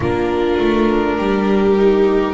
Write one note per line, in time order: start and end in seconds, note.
0.00 0.58 A#3
0.00 1.78 D4
0.00 1.17 F4
0.00 2.33 A#4
0.59 1.17 A3
1.17 2.33 G3
1.17 2.33 G4
1.78 2.33 D#4